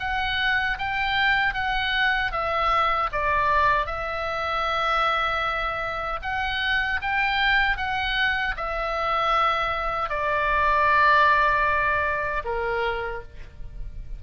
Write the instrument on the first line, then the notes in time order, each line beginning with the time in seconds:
oboe
0.00 F#5
0.78 G5
1.54 F#5
2.32 E5
3.12 D5
3.86 E5
6.22 F#5
7.02 G5
7.77 F#5
8.57 E5
10.09 D5
12.45 A#4